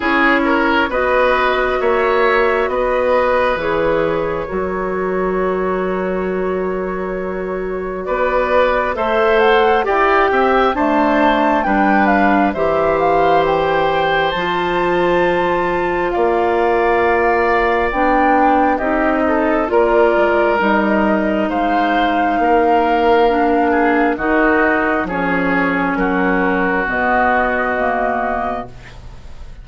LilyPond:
<<
  \new Staff \with { instrumentName = "flute" } { \time 4/4 \tempo 4 = 67 cis''4 dis''4 e''4 dis''4 | cis''1~ | cis''4 d''4 e''8 fis''8 g''4 | a''4 g''8 f''8 e''8 f''8 g''4 |
a''2 f''2 | g''4 dis''4 d''4 dis''4 | f''2. dis''4 | cis''4 ais'4 dis''2 | }
  \new Staff \with { instrumentName = "oboe" } { \time 4/4 gis'8 ais'8 b'4 cis''4 b'4~ | b'4 ais'2.~ | ais'4 b'4 c''4 d''8 e''8 | c''4 b'4 c''2~ |
c''2 d''2~ | d''4 g'8 a'8 ais'2 | c''4 ais'4. gis'8 fis'4 | gis'4 fis'2. | }
  \new Staff \with { instrumentName = "clarinet" } { \time 4/4 e'4 fis'2. | gis'4 fis'2.~ | fis'2 a'4 g'4 | a4 d'4 g'2 |
f'1 | d'4 dis'4 f'4 dis'4~ | dis'2 d'4 dis'4 | cis'2 b4 ais4 | }
  \new Staff \with { instrumentName = "bassoon" } { \time 4/4 cis'4 b4 ais4 b4 | e4 fis2.~ | fis4 b4 a4 e'8 c'8 | d'4 g4 e2 |
f2 ais2 | b4 c'4 ais8 gis8 g4 | gis4 ais2 dis4 | f4 fis4 b,2 | }
>>